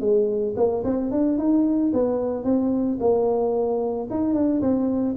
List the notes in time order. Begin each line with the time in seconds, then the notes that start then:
0.00 G#3
0.56 A#3
0.84 C4
1.11 D4
1.38 D#4
1.93 B3
2.44 C4
3.00 A#3
4.10 D#4
4.34 D4
4.61 C4